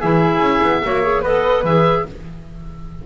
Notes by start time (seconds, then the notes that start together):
0.00 E3 E4 G#4 E5
0.40 C#4
0.63 B3
0.83 A#3 F#4 C#5
1.03 G#4
1.22 B3 A4 B4 D#5
1.64 E3 G#4 E5